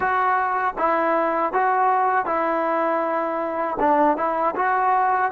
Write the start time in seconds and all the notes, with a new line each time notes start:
0.00 F#4
0.78 E4
1.52 F#4
2.25 E4
3.79 D4
4.17 E4
4.55 F#4